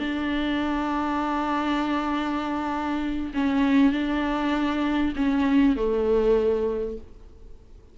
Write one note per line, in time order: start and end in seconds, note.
0.00 3.33 D4
3.34 3.92 C#4
3.92 5.13 D4
5.16 5.76 C#4
5.76 6.98 A3